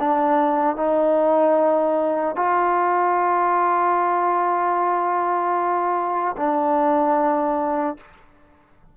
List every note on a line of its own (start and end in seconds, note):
0.00 0.76 D4
0.76 2.36 D#4
2.36 6.36 F4
6.37 7.97 D4